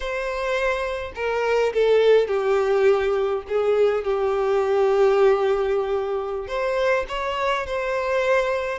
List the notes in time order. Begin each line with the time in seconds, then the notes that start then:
0.00 C5
1.15 A#4
1.73 A4
2.27 G4
3.48 G#4
4.04 G4
6.47 C5
7.08 C#5
7.66 C5